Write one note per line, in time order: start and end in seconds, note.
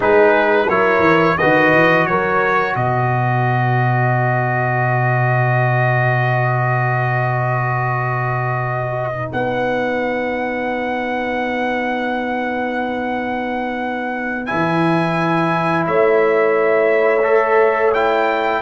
0.00 0.68 G#3
0.00 0.67 D#4
0.00 0.65 G#4
0.00 0.69 B4
0.68 0.99 F#3
0.68 1.38 E4
0.68 1.38 A#4
0.68 1.37 C#5
0.99 1.33 E3
1.37 1.73 D#3
1.37 9.12 F#4
1.37 2.08 B4
1.37 2.06 D#5
1.73 2.07 E3
2.06 2.75 F#3
2.06 2.76 A#4
2.06 2.75 C#5
2.75 9.30 B2
2.75 15.86 B4
2.75 9.31 D#5
9.12 14.46 D#4
9.32 14.50 B3
9.32 14.46 F#5
14.46 15.86 E3
14.46 17.22 E4
14.46 15.84 G#5
15.86 18.62 A3
15.86 18.62 C#5
15.86 17.93 E5
17.23 17.92 A4
17.93 18.62 E4
17.93 18.62 G5